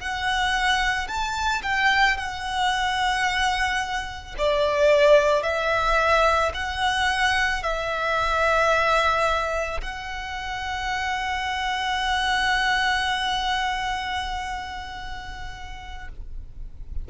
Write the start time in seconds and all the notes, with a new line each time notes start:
0.00 F#5
1.08 A5
1.63 G5
2.17 F#5
4.38 D5
5.43 E5
6.54 F#5
7.63 E5
9.81 F#5